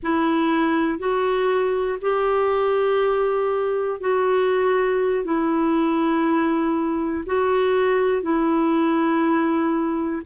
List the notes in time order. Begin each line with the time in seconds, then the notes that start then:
0.02 E4
0.99 F#4
2.00 G4
4.00 F#4
5.24 E4
7.25 F#4
8.22 E4